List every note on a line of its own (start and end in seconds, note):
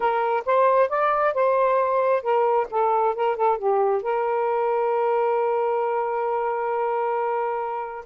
0.00 0.43 A#4
0.45 0.89 C5
0.89 1.34 D5
1.34 2.22 C5
2.22 2.67 A#4
2.70 3.15 A4
3.15 3.36 A#4
3.36 3.58 A4
3.58 4.02 G4
4.02 8.05 A#4